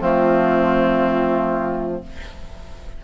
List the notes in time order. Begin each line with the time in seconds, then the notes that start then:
0.00 F3 A3 C4 F4